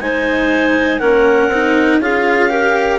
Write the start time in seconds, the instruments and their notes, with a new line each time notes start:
0.00 bassoon G#3, cello D#4, clarinet C5 G#5
0.99 bassoon A#3, cello C#4, clarinet A#4 F#5
1.48 bassoon C4, cello D#4
1.99 bassoon C#4, cello F4, clarinet G#4 F5
2.49 cello G4, clarinet A#4